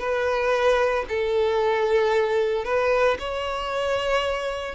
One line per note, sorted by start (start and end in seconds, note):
0.00 1.05 B4
1.09 2.65 A4
2.65 3.18 B4
3.19 4.75 C#5